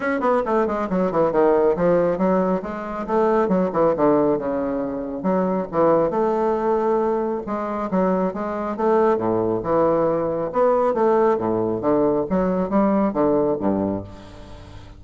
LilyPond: \new Staff \with { instrumentName = "bassoon" } { \time 4/4 \tempo 4 = 137 cis'8 b8 a8 gis8 fis8 e8 dis4 | f4 fis4 gis4 a4 | fis8 e8 d4 cis2 | fis4 e4 a2~ |
a4 gis4 fis4 gis4 | a4 a,4 e2 | b4 a4 a,4 d4 | fis4 g4 d4 g,4 | }